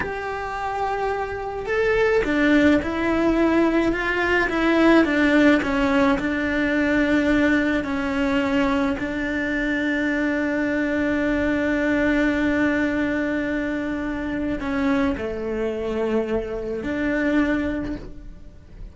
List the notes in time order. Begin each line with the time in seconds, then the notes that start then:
0.00 G4
1.65 A4
2.24 D4
2.82 E4
3.92 F4
4.49 E4
5.05 D4
5.62 C#4
6.19 D4
7.84 C#4
8.98 D4
14.59 C#4
15.17 A3
16.83 D4